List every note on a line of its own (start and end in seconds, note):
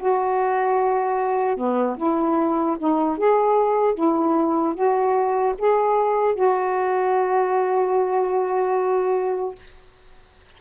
0.00 1.57 F#4
1.57 1.97 B3
1.97 2.77 E4
2.79 3.18 D#4
3.18 3.95 G#4
3.95 4.75 E4
4.75 5.55 F#4
5.59 6.36 G#4
6.36 9.56 F#4